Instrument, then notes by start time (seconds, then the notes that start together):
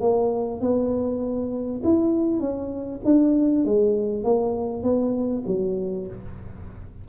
tuba
0.00 A#3
0.61 B3
1.84 E4
2.39 C#4
3.04 D4
3.65 G#3
4.24 A#3
4.83 B3
5.46 F#3